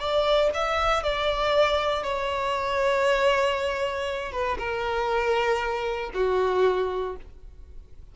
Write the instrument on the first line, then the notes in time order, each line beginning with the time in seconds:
violin
0.00 D5
0.55 E5
1.04 D5
2.04 C#5
4.33 B4
4.59 A#4
6.15 F#4